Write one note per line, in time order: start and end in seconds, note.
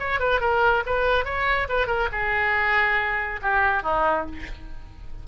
0.00 0.20 C#5
0.20 0.41 B4
0.41 0.84 A#4
0.86 1.25 B4
1.25 1.68 C#5
1.69 1.87 B4
1.87 2.09 A#4
2.12 3.41 G#4
3.42 3.83 G4
3.83 4.26 D#4